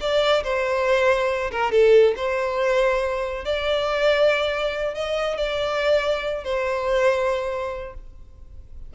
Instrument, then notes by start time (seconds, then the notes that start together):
violin
0.00 D5
0.43 C5
1.51 A#4
1.71 A4
2.16 C5
3.44 D5
4.94 D#5
5.37 D5
6.44 C5